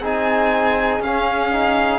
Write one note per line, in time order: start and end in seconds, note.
0.00 1.00 C4
0.00 1.04 D#4
0.00 1.99 G#4
0.00 1.03 G#5
1.00 1.99 C#4
1.00 1.52 C#4
1.00 1.99 F5
1.52 1.99 D#4